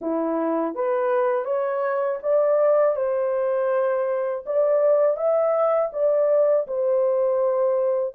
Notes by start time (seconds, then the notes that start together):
0.01 E4
0.74 B4
1.44 C#5
2.22 D5
2.96 C5
4.45 D5
5.16 E5
5.93 D5
6.67 C5